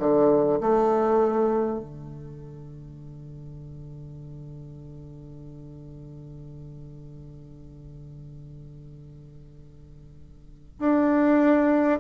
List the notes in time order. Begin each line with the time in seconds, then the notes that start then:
0.00 D3
0.61 A3
1.79 D3
10.79 D4